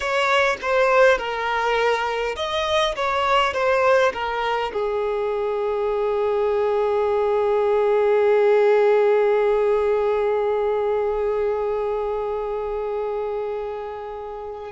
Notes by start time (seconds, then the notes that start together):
0.00 C#5
0.61 C5
1.18 A#4
2.36 D#5
2.95 C#5
3.53 C5
4.13 A#4
4.73 G#4